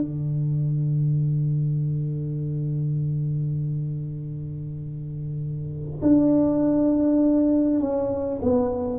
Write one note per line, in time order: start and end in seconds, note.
0.00 6.00 D3
6.02 7.81 D4
7.81 8.41 C#4
8.42 8.99 B3